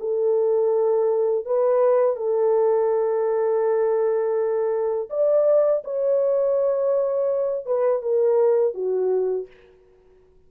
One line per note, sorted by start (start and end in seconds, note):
0.00 1.46 A4
1.46 2.17 B4
2.17 5.09 A4
5.10 5.83 D5
5.85 7.66 C#5
7.66 8.03 B4
8.03 8.74 A#4
8.74 9.48 F#4